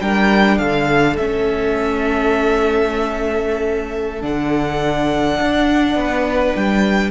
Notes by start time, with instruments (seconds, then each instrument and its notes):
0.00 cello G3, viola D4, violin A#4 G5
0.57 cello D3, violin A4 F5
1.17 cello A3, viola C#4, violin E5
4.20 cello D3, viola D4, violin F#5
5.39 cello D4
5.95 cello B3, violin B4
6.55 cello G3, violin G5